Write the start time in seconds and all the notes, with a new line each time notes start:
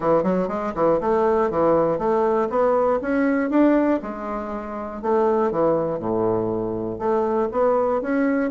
0.00 E3
0.23 F#3
0.48 G#3
0.75 E3
1.00 A3
1.50 E3
1.98 A3
2.49 B3
3.01 C#4
3.50 D4
4.02 G#3
5.02 A3
5.51 E3
5.99 A2
6.99 A3
7.51 B3
8.01 C#4